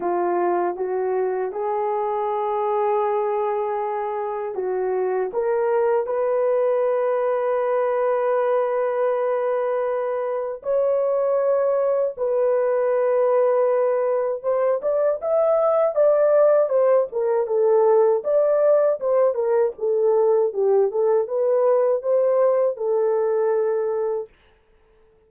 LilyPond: \new Staff \with { instrumentName = "horn" } { \time 4/4 \tempo 4 = 79 f'4 fis'4 gis'2~ | gis'2 fis'4 ais'4 | b'1~ | b'2 cis''2 |
b'2. c''8 d''8 | e''4 d''4 c''8 ais'8 a'4 | d''4 c''8 ais'8 a'4 g'8 a'8 | b'4 c''4 a'2 | }